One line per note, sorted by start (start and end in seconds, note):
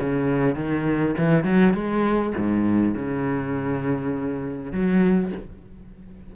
0.00 0.56 C#3
0.56 1.15 D#3
1.18 1.44 E3
1.44 1.74 F#3
1.74 2.33 G#3
2.38 2.95 G#2
2.95 4.72 C#3
4.72 5.32 F#3